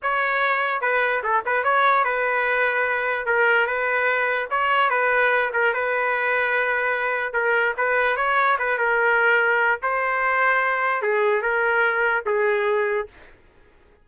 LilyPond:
\new Staff \with { instrumentName = "trumpet" } { \time 4/4 \tempo 4 = 147 cis''2 b'4 a'8 b'8 | cis''4 b'2. | ais'4 b'2 cis''4 | b'4. ais'8 b'2~ |
b'2 ais'4 b'4 | cis''4 b'8 ais'2~ ais'8 | c''2. gis'4 | ais'2 gis'2 | }